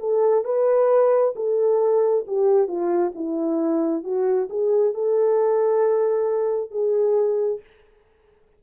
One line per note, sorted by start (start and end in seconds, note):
0.00 0.45 A4
0.45 1.34 B4
1.36 2.26 A4
2.28 2.68 G4
2.68 3.13 F4
3.15 4.04 E4
4.04 4.49 F#4
4.50 4.95 G#4
4.95 6.71 A4
6.71 7.61 G#4